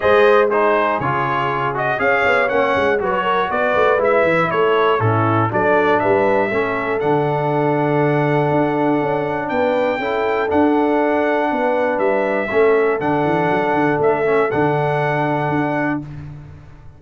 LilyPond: <<
  \new Staff \with { instrumentName = "trumpet" } { \time 4/4 \tempo 4 = 120 dis''4 c''4 cis''4. dis''8 | f''4 fis''4 cis''4 d''4 | e''4 cis''4 a'4 d''4 | e''2 fis''2~ |
fis''2. g''4~ | g''4 fis''2. | e''2 fis''2 | e''4 fis''2. | }
  \new Staff \with { instrumentName = "horn" } { \time 4/4 c''4 gis'2. | cis''2 b'8 ais'8 b'4~ | b'4 a'4 e'4 a'4 | b'4 a'2.~ |
a'2. b'4 | a'2. b'4~ | b'4 a'2.~ | a'1 | }
  \new Staff \with { instrumentName = "trombone" } { \time 4/4 gis'4 dis'4 f'4. fis'8 | gis'4 cis'4 fis'2 | e'2 cis'4 d'4~ | d'4 cis'4 d'2~ |
d'1 | e'4 d'2.~ | d'4 cis'4 d'2~ | d'8 cis'8 d'2. | }
  \new Staff \with { instrumentName = "tuba" } { \time 4/4 gis2 cis2 | cis'8 b8 ais8 gis8 fis4 b8 a8 | gis8 e8 a4 a,4 fis4 | g4 a4 d2~ |
d4 d'4 cis'4 b4 | cis'4 d'2 b4 | g4 a4 d8 e8 fis8 d8 | a4 d2 d'4 | }
>>